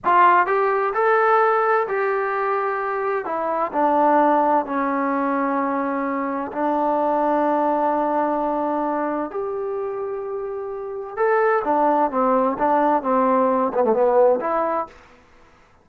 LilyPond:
\new Staff \with { instrumentName = "trombone" } { \time 4/4 \tempo 4 = 129 f'4 g'4 a'2 | g'2. e'4 | d'2 cis'2~ | cis'2 d'2~ |
d'1 | g'1 | a'4 d'4 c'4 d'4 | c'4. b16 a16 b4 e'4 | }